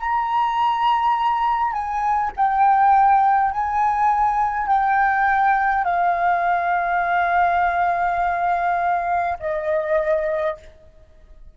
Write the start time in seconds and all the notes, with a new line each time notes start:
0.00 A#5
1.72 G#5
2.37 G5
3.51 G#5
4.67 G5
5.84 F5
9.40 D#5